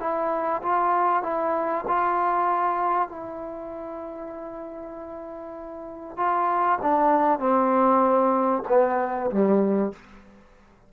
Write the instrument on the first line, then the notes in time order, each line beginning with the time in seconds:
trombone
0.00 E4
0.63 F4
1.23 E4
1.88 F4
3.10 E4
6.17 F4
6.83 D4
7.39 C4
8.69 B3
9.31 G3